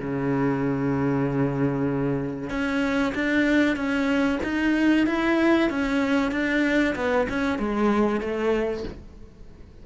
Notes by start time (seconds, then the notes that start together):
0.00 C#3
2.50 C#4
3.15 D4
3.76 C#4
4.44 D#4
5.07 E4
5.70 C#4
6.32 D4
6.96 B3
7.29 C#4
7.59 G#3
8.21 A3